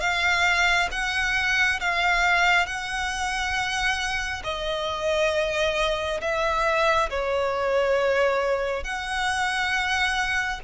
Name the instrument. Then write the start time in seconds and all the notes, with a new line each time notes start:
violin
0.00 F5
0.91 F#5
1.80 F5
2.66 F#5
4.44 D#5
6.20 E5
7.09 C#5
8.84 F#5